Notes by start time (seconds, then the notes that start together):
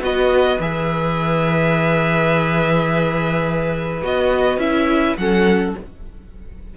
0.00 B3 F#4 B4 D#5
0.59 E3 G#4 E5
4.02 B3 F#4 D#5
4.57 C#4 E4 E5
5.17 F#3 C#4 A4 F#5